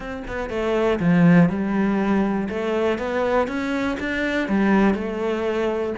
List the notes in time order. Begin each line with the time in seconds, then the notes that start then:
0.00 C4
0.27 B3
0.49 A3
0.99 F3
1.49 G3
2.49 A3
2.98 B3
3.47 C#4
3.99 D4
4.48 G3
4.94 A3